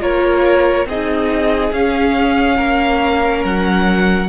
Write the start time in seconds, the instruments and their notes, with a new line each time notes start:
0.00 cello A#3, viola F4, violin A#4 C#5
0.86 cello C4, viola D#4, violin G#4 D#5
1.72 cello C#4, viola C#4, violin F5
2.56 cello A#3, violin A#4
3.44 cello F#3, violin F#5